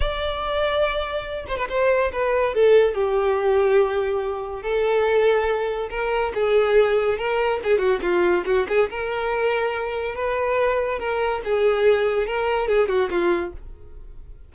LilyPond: \new Staff \with { instrumentName = "violin" } { \time 4/4 \tempo 4 = 142 d''2.~ d''8 c''16 b'16 | c''4 b'4 a'4 g'4~ | g'2. a'4~ | a'2 ais'4 gis'4~ |
gis'4 ais'4 gis'8 fis'8 f'4 | fis'8 gis'8 ais'2. | b'2 ais'4 gis'4~ | gis'4 ais'4 gis'8 fis'8 f'4 | }